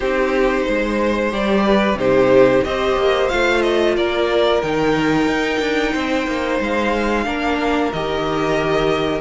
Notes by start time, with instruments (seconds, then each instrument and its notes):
0.00 cello C4, viola D#4, violin G4 C5
0.66 cello G#3, violin C5
1.30 cello G3, viola G4, violin D5
1.65 violin B4
1.94 cello C3, viola D#4, violin G4 C5
2.63 cello C4, viola G4, violin C5 D#5
2.96 cello A#3
3.29 cello A3, viola F4, violin F5
3.62 violin D#5
3.96 cello A#3, violin A#4 D5
4.61 cello D#3, viola D#4, violin G5
5.26 cello D#4
5.60 cello D4
5.92 cello C4, violin C5
6.26 cello A#3
6.60 cello G#3, violin F5
7.25 cello A#3, viola D4, violin A#4
7.92 cello D#3, viola G4, violin D#5